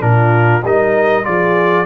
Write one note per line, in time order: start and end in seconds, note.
0.00 0.62 A#2
0.00 0.61 D4
0.00 0.63 A#4
0.07 0.63 F4
0.63 1.25 G3
0.63 1.23 D#4
0.63 1.24 A#4
0.63 1.24 D#5
1.23 1.85 F3
1.23 1.85 F4
1.23 1.85 G#4
1.23 1.85 D5